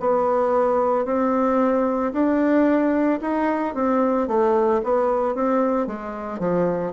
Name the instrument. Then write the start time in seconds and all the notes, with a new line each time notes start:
bassoon
0.00 B3
1.05 C4
2.12 D4
3.21 D#4
3.74 C4
4.28 A3
4.83 B3
5.35 C4
5.87 G#3
6.39 F3